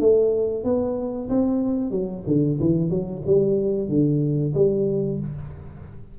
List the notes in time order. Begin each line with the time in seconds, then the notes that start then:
0.00 A3
0.64 B3
1.29 C4
1.91 F#3
2.27 D3
2.60 E3
2.90 F#3
3.26 G3
3.89 D3
4.55 G3